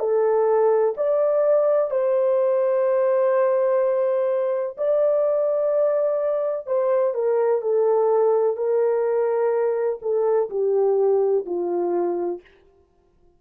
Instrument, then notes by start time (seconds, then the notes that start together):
horn
0.00 A4
0.97 D5
1.91 C5
4.77 D5
6.67 C5
7.14 A#4
7.62 A4
8.57 A#4
10.02 A4
10.50 G4
11.46 F4